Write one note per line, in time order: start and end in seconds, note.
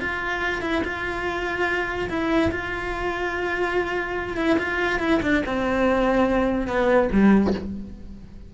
0.00 0.62 F4
0.62 0.83 E4
0.84 2.09 F4
2.09 2.51 E4
2.52 4.37 F4
4.37 4.58 E4
4.59 5.00 F4
5.00 5.20 E4
5.23 5.44 D4
5.46 6.67 C4
6.67 7.09 B3
7.12 7.54 G3